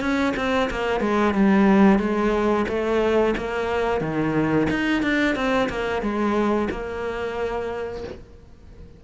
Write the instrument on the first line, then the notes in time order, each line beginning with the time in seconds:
cello
0.00 C#4
0.36 C4
0.70 A#3
1.00 G#3
1.34 G3
1.99 G#3
2.68 A3
3.37 A#3
4.01 D#3
4.70 D#4
5.02 D4
5.35 C4
5.69 A#3
6.02 G#3
6.70 A#3